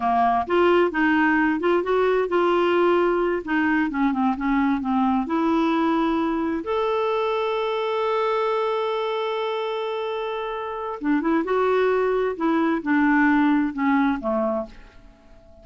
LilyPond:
\new Staff \with { instrumentName = "clarinet" } { \time 4/4 \tempo 4 = 131 ais4 f'4 dis'4. f'8 | fis'4 f'2~ f'8 dis'8~ | dis'8 cis'8 c'8 cis'4 c'4 e'8~ | e'2~ e'8 a'4.~ |
a'1~ | a'1 | d'8 e'8 fis'2 e'4 | d'2 cis'4 a4 | }